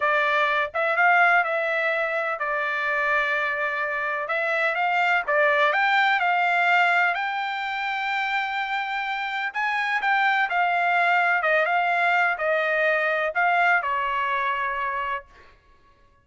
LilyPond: \new Staff \with { instrumentName = "trumpet" } { \time 4/4 \tempo 4 = 126 d''4. e''8 f''4 e''4~ | e''4 d''2.~ | d''4 e''4 f''4 d''4 | g''4 f''2 g''4~ |
g''1 | gis''4 g''4 f''2 | dis''8 f''4. dis''2 | f''4 cis''2. | }